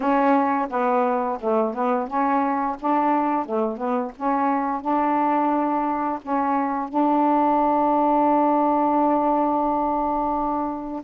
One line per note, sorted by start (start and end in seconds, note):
0.00 0.68 C#4
0.69 1.38 B3
1.40 1.74 A3
1.74 2.07 B3
2.07 2.76 C#4
2.80 3.45 D4
3.45 3.77 A3
3.77 4.11 B3
4.16 4.81 C#4
4.81 6.19 D4
6.22 6.88 C#4
6.88 11.02 D4